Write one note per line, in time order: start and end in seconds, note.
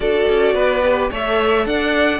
0.00 0.25 D4
0.00 0.82 F#4
0.00 0.54 A4
0.00 1.09 D5
0.28 0.54 C#4
0.54 1.10 B3
0.54 1.10 B4
0.83 1.11 G4
1.10 1.65 A3
1.10 2.20 A4
1.10 1.66 C#5
1.10 1.66 E5
1.65 2.20 D4
1.65 2.20 D5
1.65 2.20 F#5